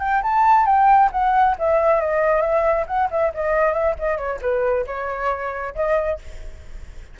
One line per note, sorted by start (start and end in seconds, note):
0.00 0.22 G5
0.23 0.66 A5
0.66 1.10 G5
1.12 1.56 F#5
1.59 2.01 E5
2.01 2.42 D#5
2.42 2.86 E5
2.87 3.09 F#5
3.11 3.33 E5
3.35 3.73 D#5
3.73 3.95 E5
3.99 4.18 D#5
4.18 4.40 C#5
4.42 4.86 B4
4.87 5.75 C#5
5.76 6.20 D#5